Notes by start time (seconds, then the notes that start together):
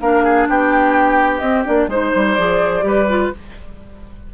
0.00 A#3 D4 A#4 F5
0.24 G#4
0.48 B3 G4 G5
1.38 C4 D#5
1.65 A#3 D4 D5
1.87 G#3 D#4 C5
2.15 G3
2.33 F3 G#4 D5
2.81 G3 G4 B4
3.08 F4